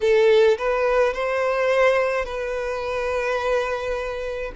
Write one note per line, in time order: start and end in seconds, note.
0.01 0.57 A4
0.58 1.13 B4
1.13 2.25 C5
2.25 4.51 B4